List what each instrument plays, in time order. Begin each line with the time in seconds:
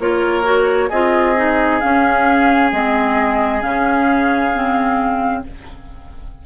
0.00 bassoon A#3, clarinet F4, oboe A#4, flute C#5
0.44 clarinet F#4
0.90 bassoon C4, clarinet F4, oboe G#4, flute D#5
1.36 clarinet D#4
1.81 clarinet C#4, bassoon C#4, flute F5
2.73 bassoon G#3, clarinet C4, flute D#5
3.62 bassoon C#3, clarinet C#4, flute F5
4.55 clarinet C4